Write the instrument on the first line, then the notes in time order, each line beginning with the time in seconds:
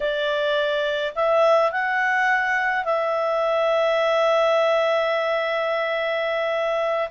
clarinet
0.00 D5
1.15 E5
1.71 F#5
2.85 E5